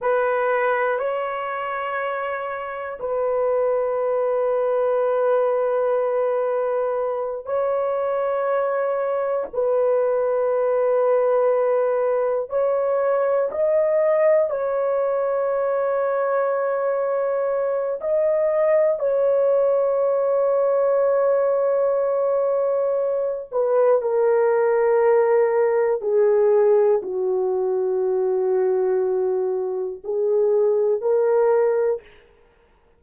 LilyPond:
\new Staff \with { instrumentName = "horn" } { \time 4/4 \tempo 4 = 60 b'4 cis''2 b'4~ | b'2.~ b'8 cis''8~ | cis''4. b'2~ b'8~ | b'8 cis''4 dis''4 cis''4.~ |
cis''2 dis''4 cis''4~ | cis''2.~ cis''8 b'8 | ais'2 gis'4 fis'4~ | fis'2 gis'4 ais'4 | }